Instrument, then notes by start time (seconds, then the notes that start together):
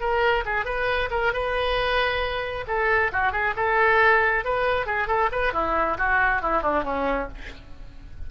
oboe
0.00 A#4
0.45 G#4
0.65 B4
1.10 A#4
1.33 B4
2.67 A4
3.12 F#4
3.32 G#4
3.56 A4
4.44 B4
4.86 G#4
5.07 A4
5.32 B4
5.53 E4
5.98 F#4
6.42 E4
6.62 D4
6.84 C#4